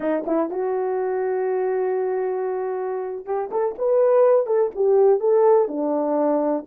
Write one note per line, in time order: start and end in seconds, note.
0.00 0.24 D#4
0.26 0.50 E4
0.50 3.25 F#4
3.25 3.49 G4
3.51 3.75 A4
3.78 4.46 B4
4.46 4.70 A4
4.75 5.19 G4
5.19 5.67 A4
5.67 6.64 D4